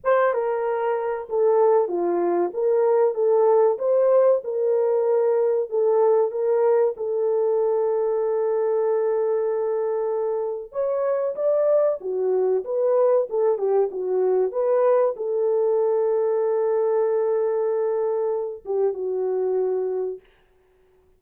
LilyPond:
\new Staff \with { instrumentName = "horn" } { \time 4/4 \tempo 4 = 95 c''8 ais'4. a'4 f'4 | ais'4 a'4 c''4 ais'4~ | ais'4 a'4 ais'4 a'4~ | a'1~ |
a'4 cis''4 d''4 fis'4 | b'4 a'8 g'8 fis'4 b'4 | a'1~ | a'4. g'8 fis'2 | }